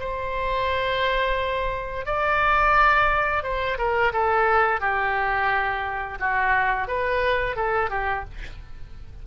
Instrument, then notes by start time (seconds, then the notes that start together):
oboe
0.00 C5
2.06 D5
3.44 C5
3.78 A#4
4.13 A4
4.81 G4
6.20 F#4
6.88 B4
7.56 A4
7.91 G4